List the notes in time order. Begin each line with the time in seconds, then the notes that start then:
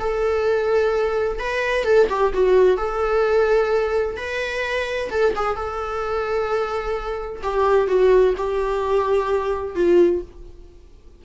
0.00 A4
1.40 B4
1.85 A4
2.10 G4
2.34 F#4
2.78 A4
4.17 B4
5.11 A4
5.36 G#4
5.56 A4
7.43 G4
7.88 F#4
8.38 G4
9.75 F4